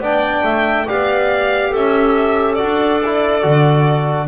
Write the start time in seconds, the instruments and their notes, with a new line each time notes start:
0.00 double bass B3, trombone D4, clarinet D5, violin G5
0.44 double bass A3, clarinet E5
0.87 double bass B3, trombone G4, clarinet D5, violin F5
1.70 double bass C#4, clarinet A4, violin E5
2.55 trombone F#4, violin D5
2.61 double bass D4
3.05 trombone E4
3.42 double bass D3, trombone F#4